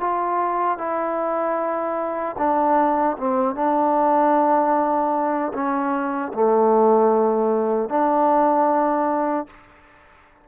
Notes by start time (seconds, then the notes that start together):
0.00 F4
0.78 E4
2.38 D4
3.18 C4
3.55 D4
5.54 C#4
6.33 A3
7.89 D4